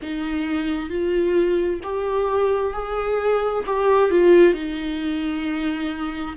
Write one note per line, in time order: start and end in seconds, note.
0.02 0.89 D#4
0.89 1.80 F4
1.83 2.73 G4
2.73 3.64 G#4
3.66 4.10 G4
4.10 4.53 F4
4.53 6.35 D#4